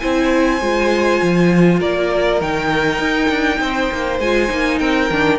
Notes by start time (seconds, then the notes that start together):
0.00 C4 E4 C5 G#5
0.61 G#3 F4
1.23 F3
1.79 A#3 A#4 D5
2.40 D#3 D#4 G5
2.99 D#4
3.29 D4
3.60 C4 C5
3.92 A#3
4.20 G#3 F4 G#5
4.49 A#3 D#4
4.79 C4 A#4 G5
5.11 D#3 D4